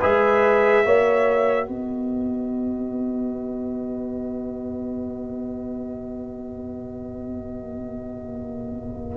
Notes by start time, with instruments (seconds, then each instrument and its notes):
0.00 tuba G#3, trombone G#4, horn B4, trumpet E5
0.85 tuba A#3, trombone F#4, horn C#5
1.67 tuba B3, horn B4, trumpet D#5